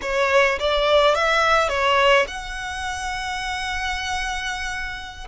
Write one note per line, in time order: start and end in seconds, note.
0.01 0.58 C#5
0.59 1.14 D5
1.14 1.69 E5
1.69 2.26 C#5
2.27 5.27 F#5